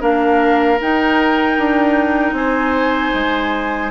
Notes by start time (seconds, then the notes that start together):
0.00 A#3 D4 A#4 F5
0.81 D#4 G5
1.58 D4
2.32 C4 C5 G#5
3.14 G#3